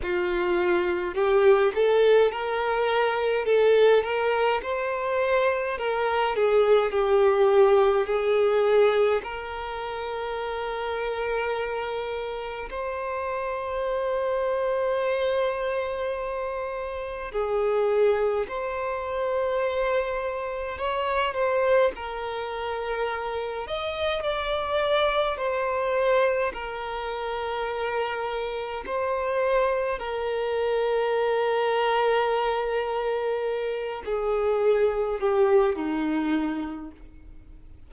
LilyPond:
\new Staff \with { instrumentName = "violin" } { \time 4/4 \tempo 4 = 52 f'4 g'8 a'8 ais'4 a'8 ais'8 | c''4 ais'8 gis'8 g'4 gis'4 | ais'2. c''4~ | c''2. gis'4 |
c''2 cis''8 c''8 ais'4~ | ais'8 dis''8 d''4 c''4 ais'4~ | ais'4 c''4 ais'2~ | ais'4. gis'4 g'8 dis'4 | }